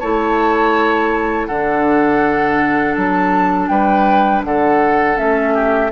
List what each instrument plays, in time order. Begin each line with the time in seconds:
0.00 bassoon A3, clarinet E4, oboe C#5, flute A5
1.47 bassoon D3, clarinet D4, oboe A4, flute F#5
2.97 bassoon F#3, flute A5
3.68 bassoon G3, oboe B4, flute G5
4.44 bassoon D3, oboe A4, flute F#5
5.16 bassoon A3, clarinet C#4, flute E5
5.54 oboe G4